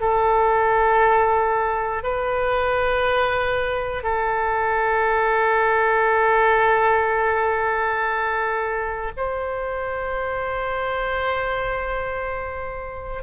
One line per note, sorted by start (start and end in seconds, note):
0.00 2.02 A4
2.02 4.03 B4
4.03 9.11 A4
9.16 13.22 C5